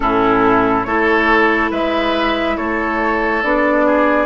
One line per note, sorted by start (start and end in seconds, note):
0.00 0.85 A2
0.00 0.85 C#4
0.00 0.86 E4
0.00 0.83 A4
0.83 1.71 A3
0.83 3.43 E4
0.83 1.70 A4
0.83 1.69 C#5
1.70 2.56 G#3
1.70 2.56 B4
1.70 2.56 E5
2.56 3.43 A3
2.56 3.86 A4
2.56 3.42 C#5
3.42 4.26 B3
3.42 4.26 D4
3.42 4.26 D5
3.86 4.26 G#4